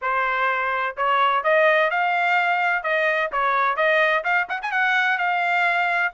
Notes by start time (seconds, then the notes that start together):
0.01 C5
0.96 C#5
1.43 D#5
1.90 F5
2.83 D#5
3.32 C#5
3.76 D#5
4.24 F5
4.48 F#5
4.61 G#5
4.71 F#5
5.18 F5